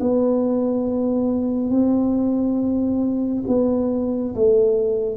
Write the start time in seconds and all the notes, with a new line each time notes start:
0.00 B3
1.70 C4
3.47 B3
4.35 A3